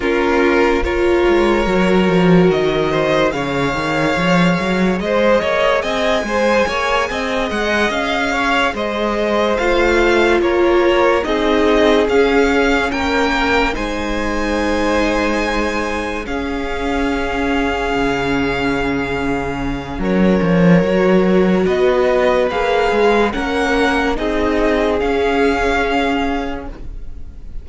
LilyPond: <<
  \new Staff \with { instrumentName = "violin" } { \time 4/4 \tempo 4 = 72 ais'4 cis''2 dis''4 | f''2 dis''4 gis''4~ | gis''4 fis''8 f''4 dis''4 f''8~ | f''8 cis''4 dis''4 f''4 g''8~ |
g''8 gis''2. f''8~ | f''1 | cis''2 dis''4 f''4 | fis''4 dis''4 f''2 | }
  \new Staff \with { instrumentName = "violin" } { \time 4/4 f'4 ais'2~ ais'8 c''8 | cis''2 c''8 cis''8 dis''8 c''8 | cis''8 dis''4. cis''8 c''4.~ | c''8 ais'4 gis'2 ais'8~ |
ais'8 c''2. gis'8~ | gis'1 | ais'2 b'2 | ais'4 gis'2. | }
  \new Staff \with { instrumentName = "viola" } { \time 4/4 cis'4 f'4 fis'2 | gis'1~ | gis'2.~ gis'8 f'8~ | f'4. dis'4 cis'4.~ |
cis'8 dis'2. cis'8~ | cis'1~ | cis'4 fis'2 gis'4 | cis'4 dis'4 cis'2 | }
  \new Staff \with { instrumentName = "cello" } { \time 4/4 ais4. gis8 fis8 f8 dis4 | cis8 dis8 f8 fis8 gis8 ais8 c'8 gis8 | ais8 c'8 gis8 cis'4 gis4 a8~ | a8 ais4 c'4 cis'4 ais8~ |
ais8 gis2. cis'8~ | cis'4. cis2~ cis8 | fis8 f8 fis4 b4 ais8 gis8 | ais4 c'4 cis'2 | }
>>